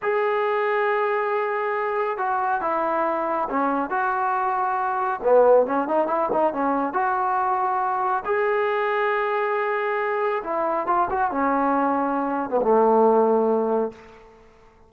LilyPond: \new Staff \with { instrumentName = "trombone" } { \time 4/4 \tempo 4 = 138 gis'1~ | gis'4 fis'4 e'2 | cis'4 fis'2. | b4 cis'8 dis'8 e'8 dis'8 cis'4 |
fis'2. gis'4~ | gis'1 | e'4 f'8 fis'8 cis'2~ | cis'8. b16 a2. | }